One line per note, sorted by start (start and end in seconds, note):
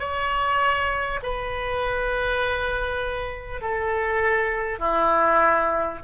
0.00 1.20 C#5
1.23 3.62 B4
3.62 4.79 A4
4.79 5.99 E4